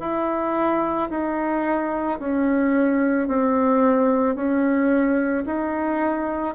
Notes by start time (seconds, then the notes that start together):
0.00 E4
1.10 D#4
2.20 C#4
3.28 C4
4.35 C#4
5.46 D#4